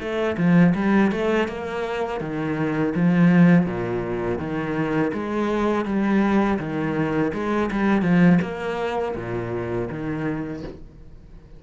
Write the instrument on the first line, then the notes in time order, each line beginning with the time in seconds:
cello
0.00 A3
0.38 F3
0.75 G3
1.12 A3
1.48 A#3
2.21 D#3
2.96 F3
3.67 A#2
4.39 D#3
5.14 G#3
5.85 G3
6.59 D#3
7.34 G#3
7.72 G3
8.03 F3
8.42 A#3
9.16 A#2
9.90 D#3